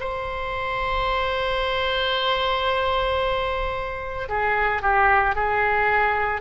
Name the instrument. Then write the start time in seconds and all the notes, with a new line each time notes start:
oboe
0.00 C5
4.29 G#4
4.82 G4
5.35 G#4